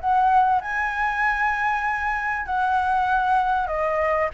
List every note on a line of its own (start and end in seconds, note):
0.00 0.61 F#5
0.61 2.46 G#5
2.46 3.67 F#5
3.67 4.29 D#5